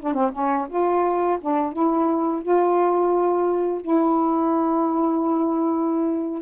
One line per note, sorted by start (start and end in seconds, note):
0.00 0.14 D4
0.14 0.31 C4
0.32 0.67 C#4
0.69 1.39 F4
1.41 1.73 D4
1.73 2.42 E4
2.42 3.81 F4
3.81 6.42 E4